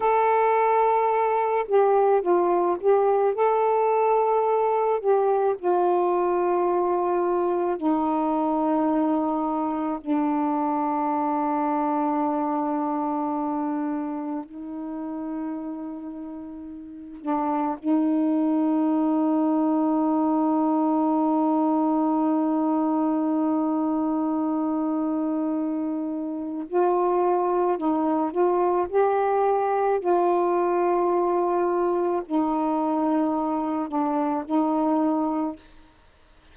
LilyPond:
\new Staff \with { instrumentName = "saxophone" } { \time 4/4 \tempo 4 = 54 a'4. g'8 f'8 g'8 a'4~ | a'8 g'8 f'2 dis'4~ | dis'4 d'2.~ | d'4 dis'2~ dis'8 d'8 |
dis'1~ | dis'1 | f'4 dis'8 f'8 g'4 f'4~ | f'4 dis'4. d'8 dis'4 | }